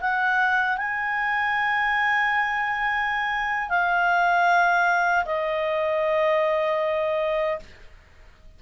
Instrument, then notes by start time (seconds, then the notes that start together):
clarinet
0.00 F#5
0.77 G#5
3.69 F5
5.25 D#5